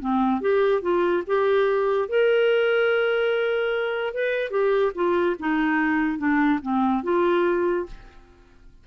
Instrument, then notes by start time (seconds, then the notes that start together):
clarinet
0.00 C4
0.41 G4
0.82 F4
1.26 G4
2.08 A#4
4.14 B4
4.50 G4
4.95 F4
5.39 D#4
6.18 D4
6.62 C4
7.03 F4